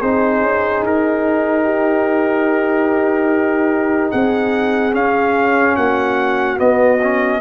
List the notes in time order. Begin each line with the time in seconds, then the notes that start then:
0.00 C4 D#4 G#4 C5
0.41 C#4
0.82 D#4 A#4
1.64 G4
4.11 C4 G#4 F#5
4.93 C#4 F5
5.76 A#3 F#4 F#5
6.57 B3 D#5
7.02 C#4